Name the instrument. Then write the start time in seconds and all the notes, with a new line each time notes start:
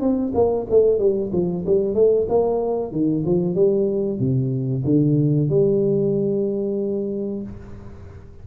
tuba
0.00 C4
0.34 A#3
0.70 A3
0.98 G3
1.32 F3
1.66 G3
1.94 A3
2.28 A#3
2.91 D#3
3.25 F3
3.55 G3
4.19 C3
4.84 D3
5.49 G3